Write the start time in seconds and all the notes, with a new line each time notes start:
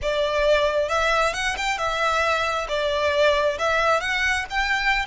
0.02 D5
0.88 E5
1.33 F#5
1.57 G5
1.77 E5
2.68 D5
3.58 E5
4.00 F#5
4.50 G5